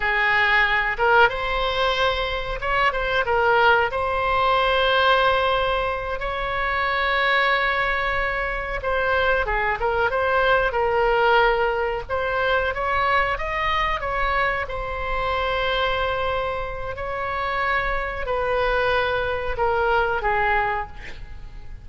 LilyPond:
\new Staff \with { instrumentName = "oboe" } { \time 4/4 \tempo 4 = 92 gis'4. ais'8 c''2 | cis''8 c''8 ais'4 c''2~ | c''4. cis''2~ cis''8~ | cis''4. c''4 gis'8 ais'8 c''8~ |
c''8 ais'2 c''4 cis''8~ | cis''8 dis''4 cis''4 c''4.~ | c''2 cis''2 | b'2 ais'4 gis'4 | }